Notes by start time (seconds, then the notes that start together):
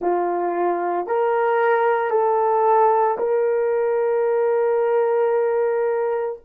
0.01 F4
1.07 A#4
2.10 A4
3.18 A#4